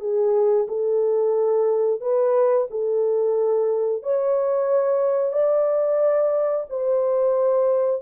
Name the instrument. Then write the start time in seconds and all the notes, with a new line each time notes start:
horn
0.00 G#4
0.68 A4
2.01 B4
2.70 A4
4.03 C#5
5.32 D5
6.69 C5